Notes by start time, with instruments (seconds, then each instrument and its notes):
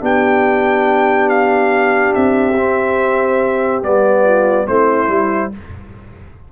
0.00 tuba B3, trombone D4, horn G4, trumpet G5
1.29 trumpet F5
2.14 tuba C4, trumpet E5
2.57 trombone C4
3.83 tuba G3, trombone B3, trumpet D5
4.24 horn F4
4.67 tuba A3, trombone C4, horn E4, trumpet C5
5.08 tuba G3, trombone E4